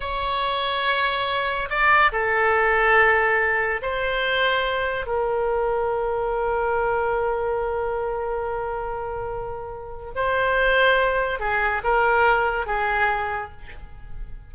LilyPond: \new Staff \with { instrumentName = "oboe" } { \time 4/4 \tempo 4 = 142 cis''1 | d''4 a'2.~ | a'4 c''2. | ais'1~ |
ais'1~ | ais'1 | c''2. gis'4 | ais'2 gis'2 | }